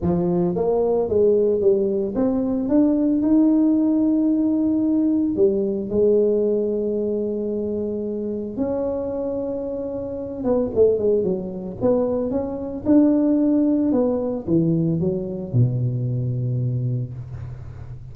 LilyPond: \new Staff \with { instrumentName = "tuba" } { \time 4/4 \tempo 4 = 112 f4 ais4 gis4 g4 | c'4 d'4 dis'2~ | dis'2 g4 gis4~ | gis1 |
cis'2.~ cis'8 b8 | a8 gis8 fis4 b4 cis'4 | d'2 b4 e4 | fis4 b,2. | }